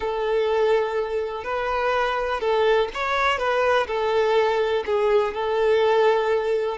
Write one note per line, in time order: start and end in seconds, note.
0.00 1.44 A4
1.44 2.40 B4
2.40 2.89 A4
2.94 3.38 C#5
3.38 3.86 B4
3.87 4.84 A4
4.85 5.34 G#4
5.34 6.77 A4